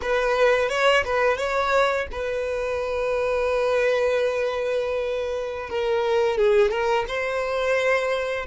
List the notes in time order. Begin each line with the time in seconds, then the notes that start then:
0.01 B4
0.69 C#5
1.04 B4
1.37 C#5
2.11 B4
5.69 A#4
6.37 G#4
6.70 A#4
7.08 C5